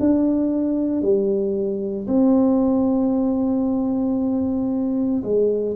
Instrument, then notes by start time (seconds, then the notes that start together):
tuba
0.00 D4
1.02 G3
2.08 C4
5.23 G#3